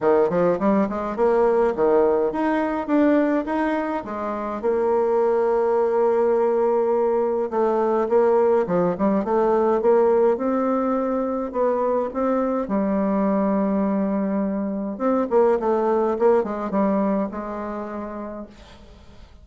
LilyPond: \new Staff \with { instrumentName = "bassoon" } { \time 4/4 \tempo 4 = 104 dis8 f8 g8 gis8 ais4 dis4 | dis'4 d'4 dis'4 gis4 | ais1~ | ais4 a4 ais4 f8 g8 |
a4 ais4 c'2 | b4 c'4 g2~ | g2 c'8 ais8 a4 | ais8 gis8 g4 gis2 | }